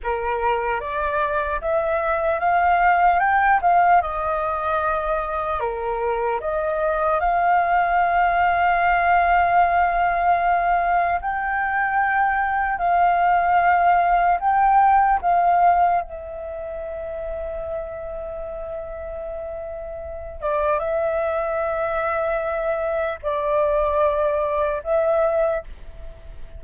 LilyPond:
\new Staff \with { instrumentName = "flute" } { \time 4/4 \tempo 4 = 75 ais'4 d''4 e''4 f''4 | g''8 f''8 dis''2 ais'4 | dis''4 f''2.~ | f''2 g''2 |
f''2 g''4 f''4 | e''1~ | e''4. d''8 e''2~ | e''4 d''2 e''4 | }